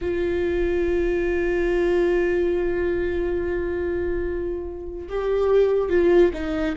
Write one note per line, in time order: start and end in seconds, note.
0.01 5.08 F4
5.08 5.89 G4
5.89 6.31 F4
6.33 6.75 D#4